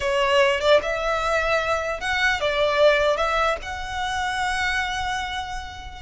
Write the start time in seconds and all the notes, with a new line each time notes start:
0.00 C#5
0.60 D5
0.82 E5
2.00 F#5
2.40 D5
3.16 E5
3.62 F#5